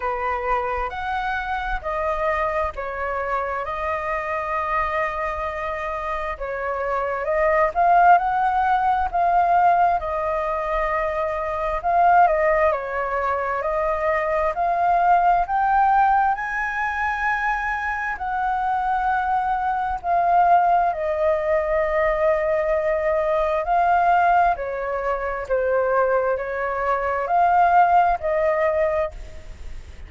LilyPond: \new Staff \with { instrumentName = "flute" } { \time 4/4 \tempo 4 = 66 b'4 fis''4 dis''4 cis''4 | dis''2. cis''4 | dis''8 f''8 fis''4 f''4 dis''4~ | dis''4 f''8 dis''8 cis''4 dis''4 |
f''4 g''4 gis''2 | fis''2 f''4 dis''4~ | dis''2 f''4 cis''4 | c''4 cis''4 f''4 dis''4 | }